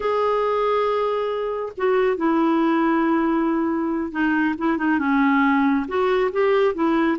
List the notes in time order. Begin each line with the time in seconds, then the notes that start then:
0.00 G#4
1.77 F#4
2.16 E4
4.11 D#4
4.58 E4
4.77 D#4
4.98 C#4
5.87 F#4
6.32 G4
6.74 E4